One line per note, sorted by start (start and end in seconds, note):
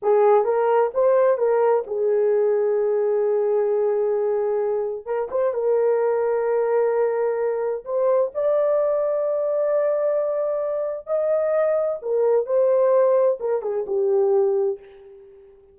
0.02 0.44 G#4
0.44 0.90 A#4
0.93 1.37 C5
1.37 1.83 A#4
1.86 5.05 G#4
5.05 5.28 A#4
5.30 5.53 C5
5.53 7.84 A#4
7.84 8.31 C5
8.34 11.06 D5
11.06 11.99 D#5
12.01 12.46 A#4
12.46 13.38 C5
13.40 13.62 A#4
13.62 13.85 G#4
13.86 14.79 G4